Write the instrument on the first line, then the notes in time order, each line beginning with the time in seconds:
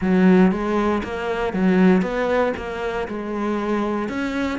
cello
0.00 F#3
0.51 G#3
1.03 A#3
1.53 F#3
2.02 B3
2.57 A#3
3.07 G#3
4.08 C#4